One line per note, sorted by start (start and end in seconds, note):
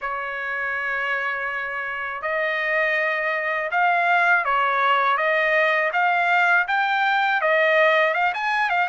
0.01 2.22 C#5
2.22 3.70 D#5
3.71 4.44 F5
4.44 5.17 C#5
5.17 5.91 D#5
5.92 6.66 F5
6.67 7.41 G5
7.41 8.14 D#5
8.14 8.32 F5
8.34 8.69 G#5
8.69 8.88 F5